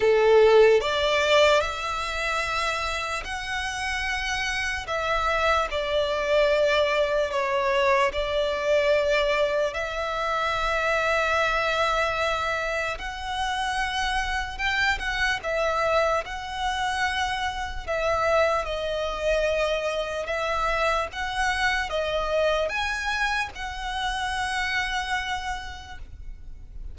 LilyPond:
\new Staff \with { instrumentName = "violin" } { \time 4/4 \tempo 4 = 74 a'4 d''4 e''2 | fis''2 e''4 d''4~ | d''4 cis''4 d''2 | e''1 |
fis''2 g''8 fis''8 e''4 | fis''2 e''4 dis''4~ | dis''4 e''4 fis''4 dis''4 | gis''4 fis''2. | }